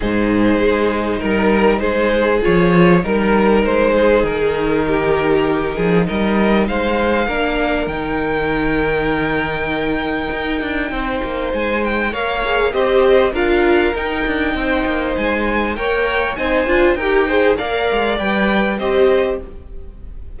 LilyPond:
<<
  \new Staff \with { instrumentName = "violin" } { \time 4/4 \tempo 4 = 99 c''2 ais'4 c''4 | cis''4 ais'4 c''4 ais'4~ | ais'2 dis''4 f''4~ | f''4 g''2.~ |
g''2. gis''8 g''8 | f''4 dis''4 f''4 g''4~ | g''4 gis''4 g''4 gis''4 | g''4 f''4 g''4 dis''4 | }
  \new Staff \with { instrumentName = "violin" } { \time 4/4 gis'2 ais'4 gis'4~ | gis'4 ais'4. gis'4. | g'4. gis'8 ais'4 c''4 | ais'1~ |
ais'2 c''2 | cis''4 c''4 ais'2 | c''2 cis''4 c''4 | ais'8 c''8 d''2 c''4 | }
  \new Staff \with { instrumentName = "viola" } { \time 4/4 dis'1 | f'4 dis'2.~ | dis'1 | d'4 dis'2.~ |
dis'1 | ais'8 gis'8 g'4 f'4 dis'4~ | dis'2 ais'4 dis'8 f'8 | g'8 gis'8 ais'4 b'4 g'4 | }
  \new Staff \with { instrumentName = "cello" } { \time 4/4 gis,4 gis4 g4 gis4 | f4 g4 gis4 dis4~ | dis4. f8 g4 gis4 | ais4 dis2.~ |
dis4 dis'8 d'8 c'8 ais8 gis4 | ais4 c'4 d'4 dis'8 d'8 | c'8 ais8 gis4 ais4 c'8 d'8 | dis'4 ais8 gis8 g4 c'4 | }
>>